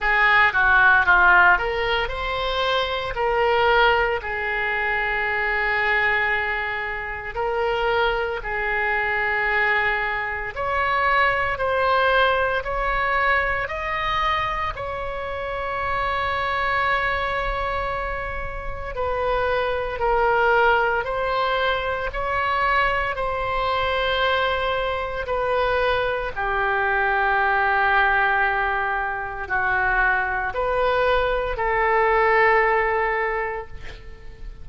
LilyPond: \new Staff \with { instrumentName = "oboe" } { \time 4/4 \tempo 4 = 57 gis'8 fis'8 f'8 ais'8 c''4 ais'4 | gis'2. ais'4 | gis'2 cis''4 c''4 | cis''4 dis''4 cis''2~ |
cis''2 b'4 ais'4 | c''4 cis''4 c''2 | b'4 g'2. | fis'4 b'4 a'2 | }